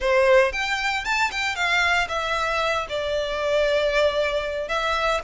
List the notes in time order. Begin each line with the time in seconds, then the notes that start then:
0.00 C5
0.52 G5
1.04 A5
1.31 G5
1.55 F5
2.08 E5
2.89 D5
4.68 E5